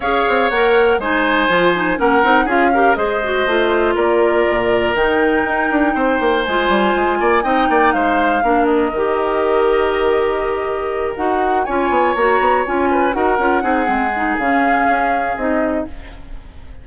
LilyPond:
<<
  \new Staff \with { instrumentName = "flute" } { \time 4/4 \tempo 4 = 121 f''4 fis''4 gis''2 | fis''4 f''4 dis''2 | d''2 g''2~ | g''4 gis''2 g''4 |
f''4. dis''2~ dis''8~ | dis''2~ dis''8 fis''4 gis''8~ | gis''8 ais''4 gis''4 fis''4.~ | fis''4 f''2 dis''4 | }
  \new Staff \with { instrumentName = "oboe" } { \time 4/4 cis''2 c''2 | ais'4 gis'8 ais'8 c''2 | ais'1 | c''2~ c''8 d''8 dis''8 d''8 |
c''4 ais'2.~ | ais'2.~ ais'8 cis''8~ | cis''2 b'8 ais'4 gis'8~ | gis'1 | }
  \new Staff \with { instrumentName = "clarinet" } { \time 4/4 gis'4 ais'4 dis'4 f'8 dis'8 | cis'8 dis'8 f'8 g'8 gis'8 fis'8 f'4~ | f'2 dis'2~ | dis'4 f'2 dis'4~ |
dis'4 d'4 g'2~ | g'2~ g'8 fis'4 f'8~ | f'8 fis'4 f'4 fis'8 f'8 dis'8 | c'8 dis'8 cis'2 dis'4 | }
  \new Staff \with { instrumentName = "bassoon" } { \time 4/4 cis'8 c'8 ais4 gis4 f4 | ais8 c'8 cis'4 gis4 a4 | ais4 ais,4 dis4 dis'8 d'8 | c'8 ais8 gis8 g8 gis8 ais8 c'8 ais8 |
gis4 ais4 dis2~ | dis2~ dis8 dis'4 cis'8 | b8 ais8 b8 cis'4 dis'8 cis'8 c'8 | gis4 cis4 cis'4 c'4 | }
>>